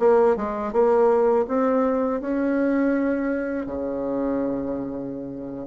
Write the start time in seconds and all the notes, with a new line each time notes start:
0.00 A#3
0.37 G#3
0.73 A#3
1.48 C4
2.21 C#4
3.67 C#3